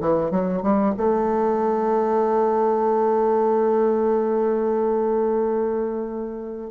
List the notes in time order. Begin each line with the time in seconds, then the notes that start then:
0.00 E3
0.30 F#3
0.62 G3
0.97 A3